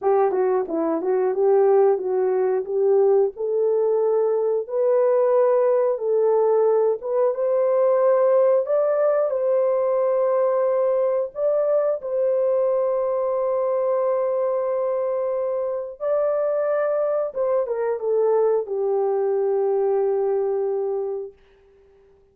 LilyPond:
\new Staff \with { instrumentName = "horn" } { \time 4/4 \tempo 4 = 90 g'8 fis'8 e'8 fis'8 g'4 fis'4 | g'4 a'2 b'4~ | b'4 a'4. b'8 c''4~ | c''4 d''4 c''2~ |
c''4 d''4 c''2~ | c''1 | d''2 c''8 ais'8 a'4 | g'1 | }